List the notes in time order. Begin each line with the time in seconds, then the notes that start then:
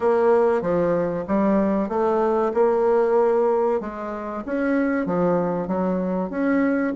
0.00 A#3
0.61 F3
1.27 G3
1.88 A3
2.53 A#3
3.80 G#3
4.45 C#4
5.06 F3
5.67 F#3
6.30 C#4